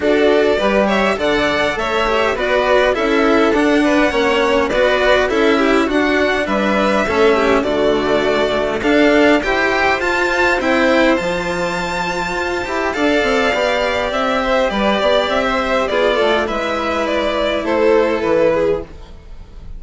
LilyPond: <<
  \new Staff \with { instrumentName = "violin" } { \time 4/4 \tempo 4 = 102 d''4. e''8 fis''4 e''4 | d''4 e''4 fis''2 | d''4 e''4 fis''4 e''4~ | e''4 d''2 f''4 |
g''4 a''4 g''4 a''4~ | a''2 f''2 | e''4 d''4 e''4 d''4 | e''4 d''4 c''4 b'4 | }
  \new Staff \with { instrumentName = "violin" } { \time 4/4 a'4 b'8 cis''8 d''4 cis''4 | b'4 a'4. b'8 cis''4 | b'4 a'8 g'8 fis'4 b'4 | a'8 g'8 fis'2 a'4 |
c''1~ | c''2 d''2~ | d''8 c''8 b'8 d''8. c''8. gis'8 a'8 | b'2 a'4. gis'8 | }
  \new Staff \with { instrumentName = "cello" } { \time 4/4 fis'4 g'4 a'4. g'8 | fis'4 e'4 d'4 cis'4 | fis'4 e'4 d'2 | cis'4 a2 d'4 |
g'4 f'4 e'4 f'4~ | f'4. g'8 a'4 g'4~ | g'2. f'4 | e'1 | }
  \new Staff \with { instrumentName = "bassoon" } { \time 4/4 d'4 g4 d4 a4 | b4 cis'4 d'4 ais4 | b4 cis'4 d'4 g4 | a4 d2 d'4 |
e'4 f'4 c'4 f4~ | f4 f'8 e'8 d'8 c'8 b4 | c'4 g8 b8 c'4 b8 a8 | gis2 a4 e4 | }
>>